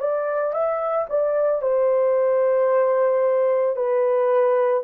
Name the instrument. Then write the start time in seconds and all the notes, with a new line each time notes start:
horn
0.00 D5
0.54 E5
1.10 D5
1.63 C5
3.77 B4